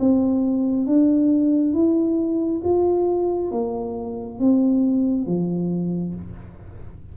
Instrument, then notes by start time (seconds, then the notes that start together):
tuba
0.00 C4
0.87 D4
1.74 E4
2.64 F4
3.52 A#3
4.40 C4
5.27 F3